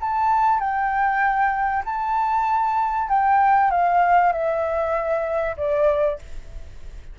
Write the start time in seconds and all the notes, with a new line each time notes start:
0.00 A5
0.59 G5
1.85 A5
3.08 G5
3.71 F5
4.32 E5
5.57 D5